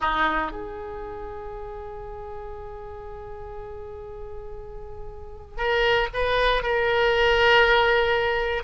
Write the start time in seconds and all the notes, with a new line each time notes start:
0.00 D#4
0.51 G#4
5.57 A#4
6.13 B4
6.62 A#4